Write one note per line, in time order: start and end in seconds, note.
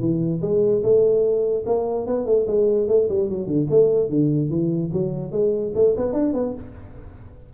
0.00 0.41 E3
0.42 0.83 G#3
0.83 1.64 A3
1.66 2.06 A#3
2.06 2.26 B3
2.26 2.46 A3
2.47 2.88 G#3
2.88 3.09 A3
3.09 3.29 G3
3.29 3.47 F#3
3.47 3.67 D3
3.70 4.09 A3
4.09 4.50 D3
4.50 4.91 E3
4.93 5.32 F#3
5.32 5.73 G#3
5.75 5.95 A3
5.97 6.13 B3
6.13 6.33 D4
6.33 6.54 B3